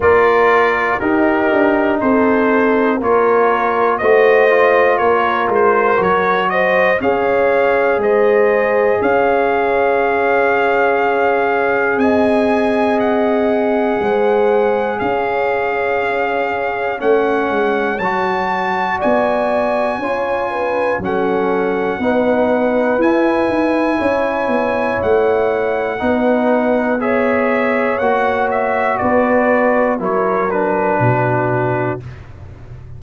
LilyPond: <<
  \new Staff \with { instrumentName = "trumpet" } { \time 4/4 \tempo 4 = 60 d''4 ais'4 c''4 cis''4 | dis''4 cis''8 c''8 cis''8 dis''8 f''4 | dis''4 f''2. | gis''4 fis''2 f''4~ |
f''4 fis''4 a''4 gis''4~ | gis''4 fis''2 gis''4~ | gis''4 fis''2 e''4 | fis''8 e''8 d''4 cis''8 b'4. | }
  \new Staff \with { instrumentName = "horn" } { \time 4/4 ais'4 g'4 a'4 ais'4 | c''4 ais'4. c''8 cis''4 | c''4 cis''2. | dis''2 c''4 cis''4~ |
cis''2. d''4 | cis''8 b'8 a'4 b'2 | cis''2 b'4 cis''4~ | cis''4 b'4 ais'4 fis'4 | }
  \new Staff \with { instrumentName = "trombone" } { \time 4/4 f'4 dis'2 f'4 | fis'8 f'4. fis'4 gis'4~ | gis'1~ | gis'1~ |
gis'4 cis'4 fis'2 | f'4 cis'4 dis'4 e'4~ | e'2 dis'4 gis'4 | fis'2 e'8 d'4. | }
  \new Staff \with { instrumentName = "tuba" } { \time 4/4 ais4 dis'8 d'8 c'4 ais4 | a4 ais8 gis8 fis4 cis'4 | gis4 cis'2. | c'2 gis4 cis'4~ |
cis'4 a8 gis8 fis4 b4 | cis'4 fis4 b4 e'8 dis'8 | cis'8 b8 a4 b2 | ais4 b4 fis4 b,4 | }
>>